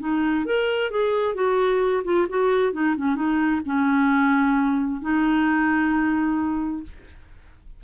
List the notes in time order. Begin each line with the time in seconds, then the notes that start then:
0.00 D#4
0.45 A#4
0.91 G#4
1.35 F#4
2.05 F4
2.29 F#4
2.73 D#4
2.96 C#4
3.15 D#4
3.66 C#4
5.02 D#4